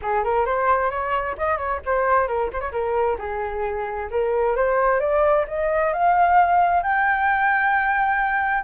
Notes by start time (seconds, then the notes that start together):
0.01 G#4
0.24 A#4
0.45 C5
0.90 C#5
1.37 D#5
1.57 C#5
1.85 C5
2.27 A#4
2.52 C5
2.60 C#5
2.71 A#4
3.18 G#4
4.10 A#4
4.56 C5
5.00 D5
5.47 D#5
5.93 F5
6.83 G5